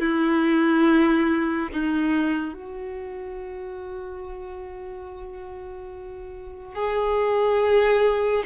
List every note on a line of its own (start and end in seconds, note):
0.00 1.69 E4
1.73 2.54 D#4
2.54 6.75 F#4
6.75 8.44 G#4